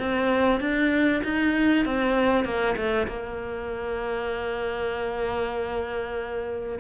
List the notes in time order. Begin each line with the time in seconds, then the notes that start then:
0.00 C4
0.61 D4
1.24 D#4
1.86 C4
2.45 A#3
2.77 A3
3.08 A#3